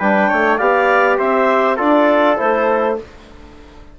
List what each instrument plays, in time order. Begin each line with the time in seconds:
0.00 bassoon G3, trombone D4, trumpet B4, clarinet G5
0.29 bassoon A3, trumpet C#5
0.58 bassoon B3, trombone G4, trumpet D5, clarinet F5
1.19 bassoon C4, trumpet C5, clarinet E5
1.77 bassoon D4, trombone F4, trumpet A4, clarinet D5
2.37 bassoon A3, trombone E4, clarinet C5